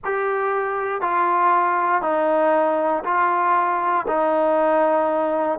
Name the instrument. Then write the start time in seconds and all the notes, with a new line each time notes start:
trombone
0.04 G4
1.01 F4
2.02 D#4
3.04 F4
4.07 D#4